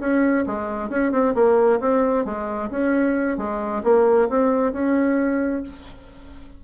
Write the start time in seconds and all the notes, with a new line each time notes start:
0.00 C#4
0.46 G#3
0.90 C#4
1.12 C4
1.35 A#3
1.80 C4
2.25 G#3
2.70 C#4
3.38 G#3
3.83 A#3
4.29 C4
4.72 C#4